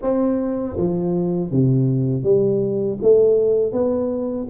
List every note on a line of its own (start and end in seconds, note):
0.02 0.77 C4
0.77 1.51 F3
1.51 2.23 C3
2.23 2.98 G3
3.01 3.72 A3
3.72 4.47 B3